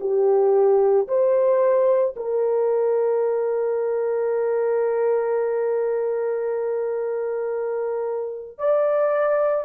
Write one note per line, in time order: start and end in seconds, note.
0.00 1.07 G4
1.08 2.15 C5
2.16 8.58 A#4
8.58 9.64 D5